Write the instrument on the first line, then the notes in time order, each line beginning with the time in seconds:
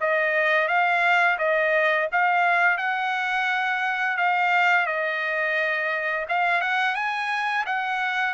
trumpet
0.00 D#5
0.68 F5
1.38 D#5
2.12 F5
2.77 F#5
4.17 F5
4.86 D#5
6.29 F5
6.61 F#5
6.95 G#5
7.66 F#5